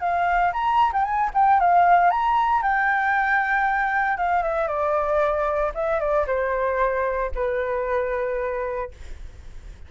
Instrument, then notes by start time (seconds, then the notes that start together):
flute
0.00 F5
0.53 A#5
0.93 G5
1.05 G#5
1.34 G5
1.60 F5
2.11 A#5
2.63 G5
4.17 F5
4.43 E5
4.68 D5
5.75 E5
6.00 D5
6.27 C5
7.35 B4